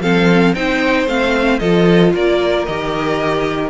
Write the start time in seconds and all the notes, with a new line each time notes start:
0.00 F3 C4 A4 F5
0.55 C4 D#4 C5 G5
1.07 A3 C4 F5
1.59 F3 F4 A4 D#5
2.14 A#3 A#4 D5
2.66 D#3 G4 D#5